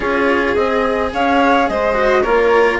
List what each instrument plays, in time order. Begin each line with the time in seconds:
0.00 bassoon C#4, cello F4, violin G#4, flute C#5
0.54 bassoon C4, cello G#4, flute D#5
1.13 bassoon C#4, violin C#5, flute F5
1.68 bassoon G#3, violin C5, flute D#5
1.94 cello F#4
2.21 bassoon A#3, cello F4, violin A#4, flute C#5